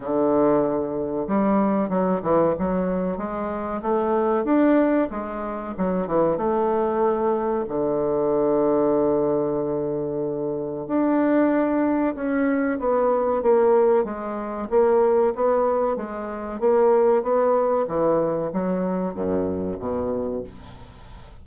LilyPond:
\new Staff \with { instrumentName = "bassoon" } { \time 4/4 \tempo 4 = 94 d2 g4 fis8 e8 | fis4 gis4 a4 d'4 | gis4 fis8 e8 a2 | d1~ |
d4 d'2 cis'4 | b4 ais4 gis4 ais4 | b4 gis4 ais4 b4 | e4 fis4 fis,4 b,4 | }